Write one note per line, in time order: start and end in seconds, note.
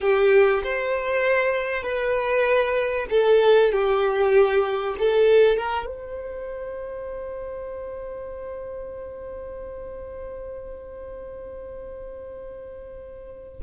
0.00 0.62 G4
0.63 1.82 C5
1.82 3.06 B4
3.10 3.71 A4
3.71 4.95 G4
4.98 5.57 A4
5.57 5.86 A#4
5.86 13.59 C5